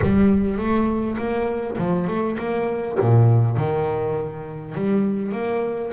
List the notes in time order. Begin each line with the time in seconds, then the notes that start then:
0.01 G3
0.57 A3
1.17 A#3
1.78 F3
2.07 A3
2.38 A#3
3.00 A#2
3.56 D#3
4.74 G3
5.32 A#3